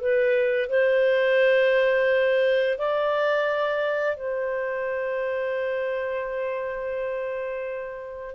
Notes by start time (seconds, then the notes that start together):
0.00 B4
0.69 C5
2.78 D5
4.16 C5